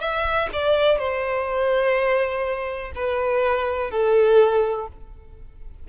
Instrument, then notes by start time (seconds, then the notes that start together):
violin
0.00 E5
0.52 D5
0.98 C5
2.95 B4
3.91 A4